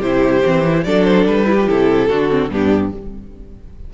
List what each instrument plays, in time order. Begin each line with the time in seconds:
0.00 cello C3, viola E4, violin G4 C5
0.45 cello E3, viola C4
0.64 viola E4
0.84 cello F#3, viola D4, violin A4 D5
1.04 violin C5
1.27 cello G3, violin B4
1.45 viola E4, violin G4
1.61 viola F4
1.67 cello C3, viola E4, violin A4
2.09 cello D3, viola D4, violin F#4
2.30 viola C4
2.50 cello G2, viola B3, violin D4 G4